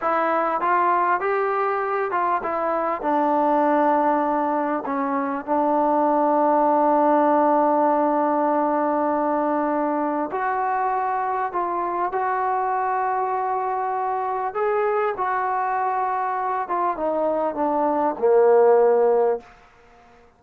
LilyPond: \new Staff \with { instrumentName = "trombone" } { \time 4/4 \tempo 4 = 99 e'4 f'4 g'4. f'8 | e'4 d'2. | cis'4 d'2.~ | d'1~ |
d'4 fis'2 f'4 | fis'1 | gis'4 fis'2~ fis'8 f'8 | dis'4 d'4 ais2 | }